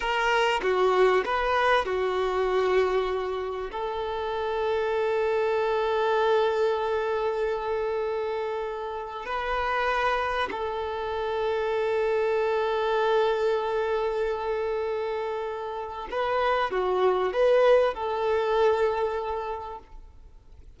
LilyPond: \new Staff \with { instrumentName = "violin" } { \time 4/4 \tempo 4 = 97 ais'4 fis'4 b'4 fis'4~ | fis'2 a'2~ | a'1~ | a'2. b'4~ |
b'4 a'2.~ | a'1~ | a'2 b'4 fis'4 | b'4 a'2. | }